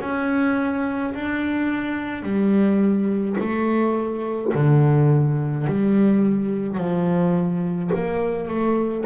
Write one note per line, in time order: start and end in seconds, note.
0.00 1.13 C#4
1.14 2.23 D4
2.23 3.36 G3
3.39 4.52 A3
4.54 5.67 D3
5.67 6.77 G3
6.77 7.90 F3
7.94 8.48 A#3
8.48 9.05 A3